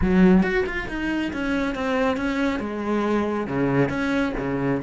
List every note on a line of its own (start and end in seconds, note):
0.01 0.42 F#3
0.42 0.64 F#4
0.66 0.88 F4
0.88 1.31 D#4
1.33 1.75 C#4
1.75 2.16 C4
2.16 2.59 C#4
2.59 3.46 G#3
3.47 3.89 C#3
3.89 4.32 C#4
4.38 4.81 C#3